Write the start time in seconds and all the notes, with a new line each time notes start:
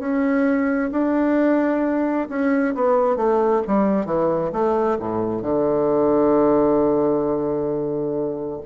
0.00 C#4
0.92 D4
2.30 C#4
2.75 B3
3.17 A3
3.68 G3
4.06 E3
4.53 A3
5.00 A2
5.43 D3